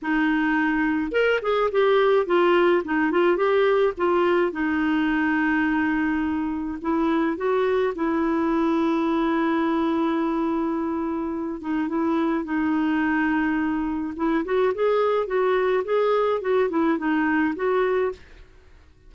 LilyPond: \new Staff \with { instrumentName = "clarinet" } { \time 4/4 \tempo 4 = 106 dis'2 ais'8 gis'8 g'4 | f'4 dis'8 f'8 g'4 f'4 | dis'1 | e'4 fis'4 e'2~ |
e'1~ | e'8 dis'8 e'4 dis'2~ | dis'4 e'8 fis'8 gis'4 fis'4 | gis'4 fis'8 e'8 dis'4 fis'4 | }